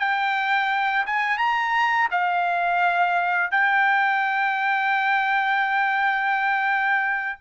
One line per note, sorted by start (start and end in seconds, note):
0.00 1.06 G5
1.07 1.38 G#5
1.38 2.09 A#5
2.11 3.51 F5
3.51 7.40 G5